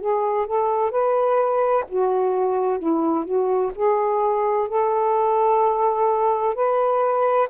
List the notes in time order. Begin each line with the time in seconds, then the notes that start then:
0.00 G#4
0.46 A4
0.90 B4
1.88 F#4
2.79 E4
3.24 F#4
3.75 G#4
4.68 A4
6.55 B4